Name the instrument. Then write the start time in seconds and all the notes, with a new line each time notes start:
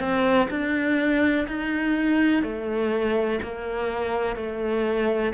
cello
0.00 C4
0.50 D4
1.48 D#4
2.43 A3
3.43 A#3
4.36 A3